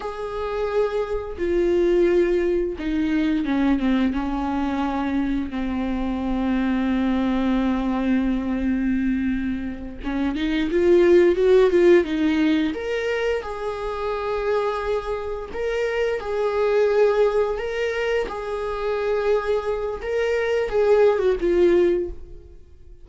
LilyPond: \new Staff \with { instrumentName = "viola" } { \time 4/4 \tempo 4 = 87 gis'2 f'2 | dis'4 cis'8 c'8 cis'2 | c'1~ | c'2~ c'8 cis'8 dis'8 f'8~ |
f'8 fis'8 f'8 dis'4 ais'4 gis'8~ | gis'2~ gis'8 ais'4 gis'8~ | gis'4. ais'4 gis'4.~ | gis'4 ais'4 gis'8. fis'16 f'4 | }